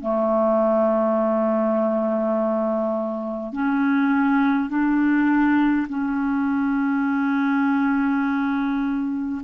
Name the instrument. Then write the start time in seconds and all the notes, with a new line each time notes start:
clarinet
0.00 A3
3.52 C#4
4.69 D4
5.88 C#4